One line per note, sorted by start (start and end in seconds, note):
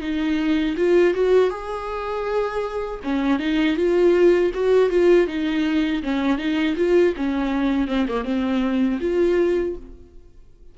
0.00 0.75 D#4
0.76 1.14 F4
1.14 1.50 F#4
1.50 3.00 G#4
3.03 3.39 C#4
3.39 3.76 D#4
3.76 4.51 F4
4.53 4.89 F#4
4.89 5.27 F4
5.27 6.02 D#4
6.02 6.38 C#4
6.38 6.75 D#4
6.76 7.14 F4
7.16 7.87 C#4
7.87 8.06 C4
8.08 8.24 A#3
8.24 8.99 C4
9.00 9.75 F4